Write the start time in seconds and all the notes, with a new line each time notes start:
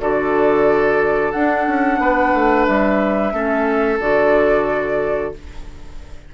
0.00 D3 F#4 A4 D5
1.32 D4 F#5
1.67 C#4
1.99 B3 B4
2.34 A3
2.66 G3 E5
3.32 A3 C#4 A4
4.00 D3 F#4 D5